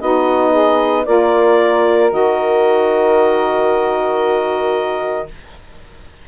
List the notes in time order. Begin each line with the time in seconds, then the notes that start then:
0.00 B3 D#4 F#4 D#5
0.51 G#4
1.05 A#3 F4 A#4 D5
2.11 D#3 F#4 D#5